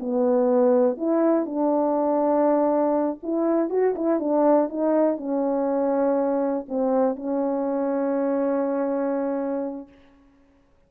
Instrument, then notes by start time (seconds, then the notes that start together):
horn
0.00 B3
0.98 E4
1.46 D4
3.23 E4
3.70 F#4
3.96 E4
4.20 D4
4.69 D#4
5.18 C#4
6.69 C4
7.16 C#4